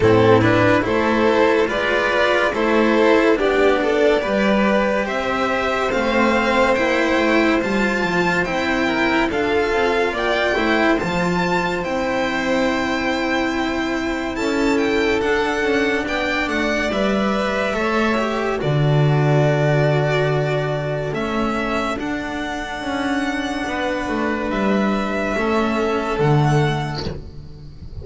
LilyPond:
<<
  \new Staff \with { instrumentName = "violin" } { \time 4/4 \tempo 4 = 71 a'8 b'8 c''4 d''4 c''4 | d''2 e''4 f''4 | g''4 a''4 g''4 f''4 | g''4 a''4 g''2~ |
g''4 a''8 g''8 fis''4 g''8 fis''8 | e''2 d''2~ | d''4 e''4 fis''2~ | fis''4 e''2 fis''4 | }
  \new Staff \with { instrumentName = "violin" } { \time 4/4 e'4 a'4 b'4 a'4 | g'8 a'8 b'4 c''2~ | c''2~ c''8 ais'8 a'4 | d''8 c''2.~ c''8~ |
c''4 a'2 d''4~ | d''4 cis''4 a'2~ | a'1 | b'2 a'2 | }
  \new Staff \with { instrumentName = "cello" } { \time 4/4 c'8 d'8 e'4 f'4 e'4 | d'4 g'2 c'4 | e'4 f'4 e'4 f'4~ | f'8 e'8 f'4 e'2~ |
e'2 d'2 | b'4 a'8 g'8 fis'2~ | fis'4 cis'4 d'2~ | d'2 cis'4 a4 | }
  \new Staff \with { instrumentName = "double bass" } { \time 4/4 a,4 a4 gis4 a4 | b4 g4 c'4 a4 | ais8 a8 g8 f8 c'4 d'8 c'8 | ais8 a8 f4 c'2~ |
c'4 cis'4 d'8 cis'8 b8 a8 | g4 a4 d2~ | d4 a4 d'4 cis'4 | b8 a8 g4 a4 d4 | }
>>